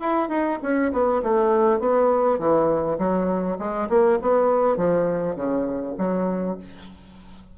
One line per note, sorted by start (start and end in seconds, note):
0.00 0.29 E4
0.29 0.59 D#4
0.63 0.93 C#4
0.93 1.23 B3
1.23 1.80 A3
1.80 2.39 B3
2.39 2.99 E3
2.99 3.58 F#3
3.59 3.89 G#3
3.90 4.19 A#3
4.22 4.77 B3
4.77 5.36 F3
5.36 5.96 C#3
5.98 6.58 F#3